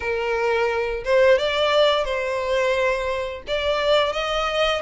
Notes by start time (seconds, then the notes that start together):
0.00 A#4
1.04 C5
1.38 D5
2.04 C5
3.47 D5
4.13 D#5